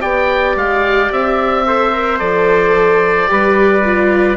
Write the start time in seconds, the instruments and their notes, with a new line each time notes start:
0.00 bassoon B3, viola G4, trumpet D5, oboe G5
0.56 bassoon G#3, oboe F5
1.11 bassoon C4, oboe E5
1.66 viola A4, trumpet C5
1.92 viola A#4
2.19 bassoon F3, viola A4, oboe D5
3.27 bassoon G3, viola G4, trumpet B4
3.84 viola F4